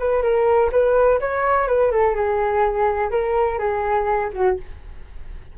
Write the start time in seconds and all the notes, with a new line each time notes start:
0.00 B4
0.23 A#4
0.72 B4
1.21 C#5
1.68 B4
1.92 A4
2.15 G#4
3.11 A#4
3.59 G#4
4.33 F#4